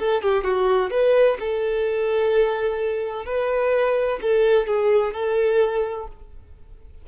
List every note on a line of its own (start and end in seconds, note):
0.00 0.23 A4
0.23 0.44 G4
0.44 0.91 F#4
0.91 1.38 B4
1.40 3.26 A4
3.26 4.20 B4
4.22 4.67 A4
4.67 5.14 G#4
5.14 6.08 A4